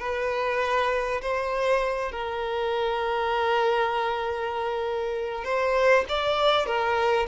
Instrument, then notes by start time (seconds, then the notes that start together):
violin
0.00 B4
1.22 C5
2.12 A#4
5.45 C5
6.09 D5
6.66 A#4